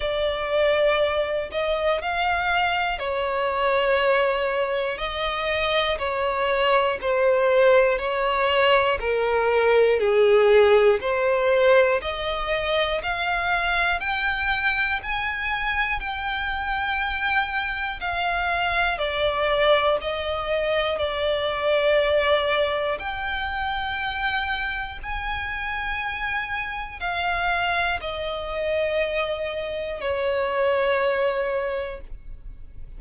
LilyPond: \new Staff \with { instrumentName = "violin" } { \time 4/4 \tempo 4 = 60 d''4. dis''8 f''4 cis''4~ | cis''4 dis''4 cis''4 c''4 | cis''4 ais'4 gis'4 c''4 | dis''4 f''4 g''4 gis''4 |
g''2 f''4 d''4 | dis''4 d''2 g''4~ | g''4 gis''2 f''4 | dis''2 cis''2 | }